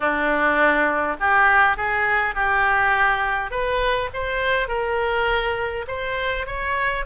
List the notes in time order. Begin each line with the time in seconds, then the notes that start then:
0.00 D4
1.20 G4
1.76 G#4
2.34 G4
3.50 B4
4.13 C5
4.68 A#4
5.87 C5
6.46 C#5